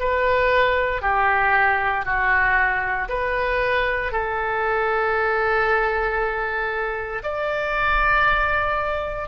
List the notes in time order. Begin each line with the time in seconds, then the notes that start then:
0.00 B4
1.03 G4
2.05 F#4
3.09 B4
4.12 A4
7.24 D5